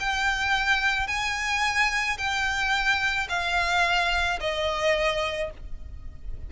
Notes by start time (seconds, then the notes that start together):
0.00 G5
1.08 G#5
2.18 G5
3.29 F5
4.40 D#5